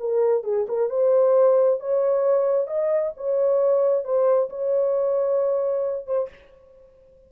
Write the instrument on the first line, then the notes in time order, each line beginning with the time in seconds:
horn
0.00 A#4
0.44 G#4
0.69 A#4
0.90 C5
1.80 C#5
2.67 D#5
3.17 C#5
4.05 C5
4.50 C#5
6.07 C5